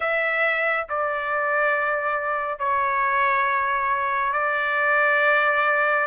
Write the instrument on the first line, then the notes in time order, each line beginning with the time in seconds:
trumpet
0.00 E5
0.89 D5
2.58 C#5
4.32 D5